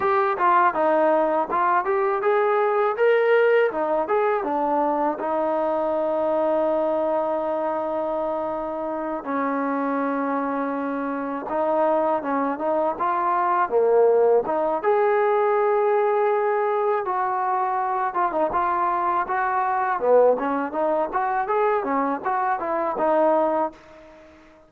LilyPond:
\new Staff \with { instrumentName = "trombone" } { \time 4/4 \tempo 4 = 81 g'8 f'8 dis'4 f'8 g'8 gis'4 | ais'4 dis'8 gis'8 d'4 dis'4~ | dis'1~ | dis'8 cis'2. dis'8~ |
dis'8 cis'8 dis'8 f'4 ais4 dis'8 | gis'2. fis'4~ | fis'8 f'16 dis'16 f'4 fis'4 b8 cis'8 | dis'8 fis'8 gis'8 cis'8 fis'8 e'8 dis'4 | }